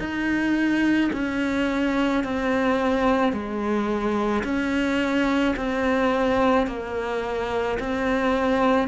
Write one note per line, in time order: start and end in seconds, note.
0.00 1.11 D#4
1.13 2.24 C#4
2.24 3.33 C4
3.33 4.44 G#3
4.44 5.55 C#4
5.57 6.68 C4
6.68 7.79 A#3
7.80 8.88 C4